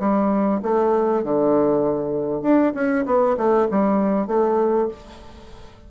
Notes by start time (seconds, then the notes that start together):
0.00 G3
0.63 A3
1.24 D3
2.42 D4
2.75 C#4
3.06 B3
3.37 A3
3.71 G3
4.27 A3